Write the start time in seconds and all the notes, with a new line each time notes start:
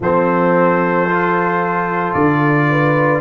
0.00 F3 C4 A4 C5
1.09 F4
2.13 D3 D5
2.70 B4